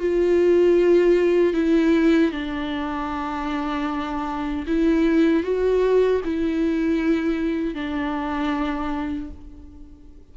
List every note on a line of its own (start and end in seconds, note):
0.00 1.54 F4
1.54 2.32 E4
2.32 4.66 D4
4.67 5.44 E4
5.44 6.22 F#4
6.25 7.75 E4
7.75 9.31 D4